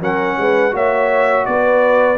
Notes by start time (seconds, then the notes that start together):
0.00 F#3 C#4 A#4 F#5
0.37 G#3 B4
0.71 A#3 F#4 C#5 E5
1.45 B3 B4 D5